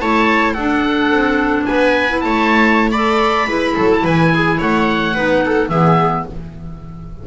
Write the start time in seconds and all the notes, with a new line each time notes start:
0.00 A3 E4 C#5 A5
0.54 D4 A4 F#5
1.11 C4
1.66 B3 B4 G#5
2.09 E4
2.21 A3 C#5 A5
2.92 A4 D5 B5
3.48 G#3 E4 B4
3.75 F#3 A4
3.93 A5
4.03 E3 B4 G#5
4.34 G#4
4.59 A3 C#5 F#5
5.14 B3 D#4 B4
5.45 A4
5.70 E3 B3 G#4 E5